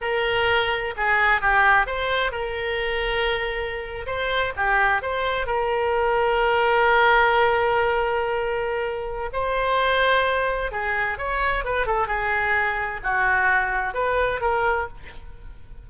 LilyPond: \new Staff \with { instrumentName = "oboe" } { \time 4/4 \tempo 4 = 129 ais'2 gis'4 g'4 | c''4 ais'2.~ | ais'8. c''4 g'4 c''4 ais'16~ | ais'1~ |
ais'1 | c''2. gis'4 | cis''4 b'8 a'8 gis'2 | fis'2 b'4 ais'4 | }